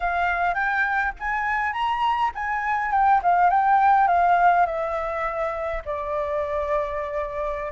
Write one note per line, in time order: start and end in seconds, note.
0.00 0.54 F5
0.54 1.12 G5
1.19 1.73 G#5
1.73 2.31 A#5
2.35 2.91 G#5
2.91 3.20 G5
3.23 3.50 F5
3.50 4.07 G5
4.07 4.65 F5
4.65 5.82 E5
5.85 7.72 D5